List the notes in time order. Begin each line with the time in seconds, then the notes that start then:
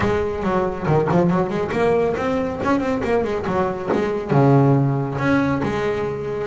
0.00 G#3
0.43 F#3
0.86 D#3
1.11 F3
1.29 F#3
1.49 G#3
1.72 A#3
2.17 C4
2.63 C#4
2.80 C4
3.04 A#3
3.24 G#3
3.46 F#3
3.92 G#3
4.30 C#3
5.18 C#4
5.63 G#3